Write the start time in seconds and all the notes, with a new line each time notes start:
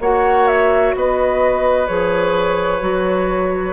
0.00 A#3 F#4 C#5 F#5
0.48 E5
0.95 B3 B4 D#5
1.87 F3 G#4 C#5
2.80 F#3 F#4